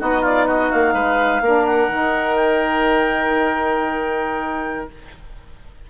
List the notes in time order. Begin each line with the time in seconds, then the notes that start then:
0.00 B3 D#4 F#4 D#5
0.22 F4 D5
0.47 F#4 D#5
0.71 A#3 F5
0.94 G#3 B4
1.41 A#3 D4 A#4
1.67 F#5
1.89 D#3 D#4
2.36 G5